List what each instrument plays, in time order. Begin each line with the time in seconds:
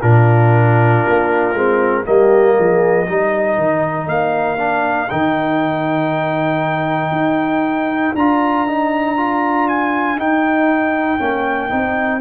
0.00 tuba A#2, trombone D4, horn F4, trumpet A#4
1.07 tuba A#3
1.53 tuba G#3, trombone C4
2.04 tuba G3, trombone A#3, horn G4, trumpet D#5
2.59 tuba F3, horn G#4
3.07 tuba G3, trombone D#4, horn A#4
3.57 tuba D#3
4.07 tuba A#3, trumpet F5
4.58 trombone D4
5.10 tuba D#3, trombone D#4, trumpet G5
7.11 tuba D#4
8.15 tuba D4, trombone F4, trumpet A#5
8.67 trombone D#4
9.17 trombone F4
9.68 trumpet G#5
10.17 tuba D#4, trombone D#4, trumpet G5
11.19 tuba A#3, trombone C#4
11.69 tuba C4, trombone D#4